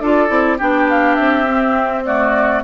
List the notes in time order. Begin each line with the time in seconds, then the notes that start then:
0.00 D4 F4 A4 D5
0.29 C4 E4
0.58 B3 D4 G4 G5
0.90 F5
1.16 C4 E5
1.48 C4
2.06 A3 F#4 D5